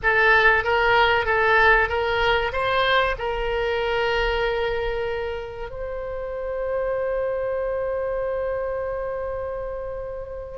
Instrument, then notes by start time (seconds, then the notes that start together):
oboe
0.02 A4
0.63 A#4
1.25 A4
1.88 A#4
2.52 C5
3.18 A#4
5.70 C5